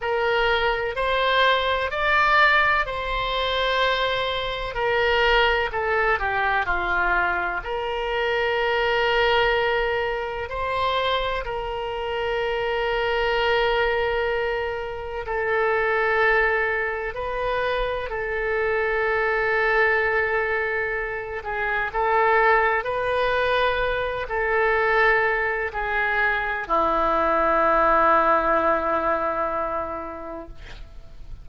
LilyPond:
\new Staff \with { instrumentName = "oboe" } { \time 4/4 \tempo 4 = 63 ais'4 c''4 d''4 c''4~ | c''4 ais'4 a'8 g'8 f'4 | ais'2. c''4 | ais'1 |
a'2 b'4 a'4~ | a'2~ a'8 gis'8 a'4 | b'4. a'4. gis'4 | e'1 | }